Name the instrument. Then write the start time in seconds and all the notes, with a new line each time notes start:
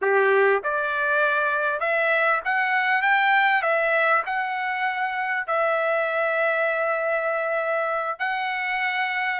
trumpet
0.01 G4
0.63 D5
1.80 E5
2.44 F#5
3.01 G5
3.62 E5
4.26 F#5
5.47 E5
8.19 F#5